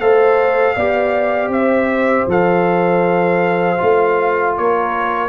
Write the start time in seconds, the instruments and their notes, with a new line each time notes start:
0.00 tuba A3, trombone A4, horn C5, trumpet F5
0.76 tuba B3, trombone G4, horn D5
1.48 tuba C4, trumpet E5
1.56 horn C5
2.27 tuba F3, trombone A4, trumpet F5
3.78 tuba A3, trombone F4
4.57 tuba A#3, horn A#4, trumpet C#5